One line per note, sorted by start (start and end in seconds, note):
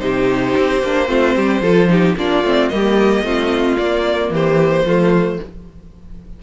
0.00 0.55 C3
0.00 0.81 D#4
0.00 1.08 G4
0.00 2.16 C5
0.57 0.83 C4
0.83 1.09 A#3
0.83 1.07 D4
1.07 1.36 A3
1.07 1.61 C4
1.07 1.35 F4
1.36 1.62 G3
1.36 1.63 G4
1.62 2.16 F3
1.62 1.89 F4
1.62 1.90 A4
1.89 2.16 D#4
1.89 2.18 G4
2.17 2.43 A#3
2.17 2.45 D4
2.17 2.73 F4
2.17 2.69 D5
2.43 2.70 A3
2.43 2.71 C4
2.69 3.23 G3
2.69 3.25 A#3
2.69 3.77 D#5
2.75 3.26 G4
3.23 3.77 A3
3.23 3.79 C4
3.23 4.33 F4
3.78 4.30 A#3
3.78 4.87 A#3
3.78 4.32 D5
4.30 4.84 E3
4.30 4.86 G4
4.30 5.43 C5
4.85 5.40 F3
4.85 5.41 A3
4.85 5.40 F4